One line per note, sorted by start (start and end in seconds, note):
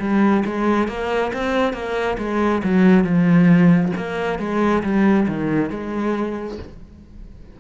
0.00 0.44 G3
0.45 0.88 G#3
0.88 1.32 A#3
1.33 1.73 C4
1.73 2.17 A#3
2.18 2.62 G#3
2.64 3.04 F#3
3.04 3.93 F3
3.97 4.39 A#3
4.39 4.83 G#3
4.83 5.27 G3
5.28 5.70 D#3
5.70 6.58 G#3